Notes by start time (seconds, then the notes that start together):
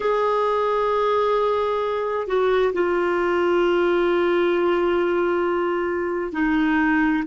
0.00 G#4
2.27 F#4
2.73 F4
6.32 D#4